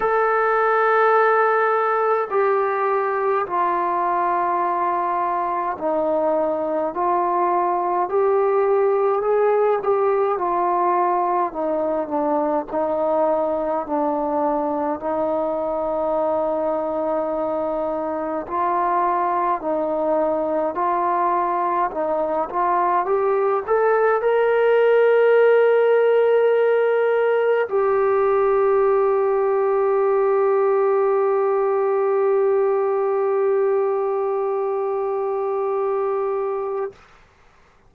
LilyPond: \new Staff \with { instrumentName = "trombone" } { \time 4/4 \tempo 4 = 52 a'2 g'4 f'4~ | f'4 dis'4 f'4 g'4 | gis'8 g'8 f'4 dis'8 d'8 dis'4 | d'4 dis'2. |
f'4 dis'4 f'4 dis'8 f'8 | g'8 a'8 ais'2. | g'1~ | g'1 | }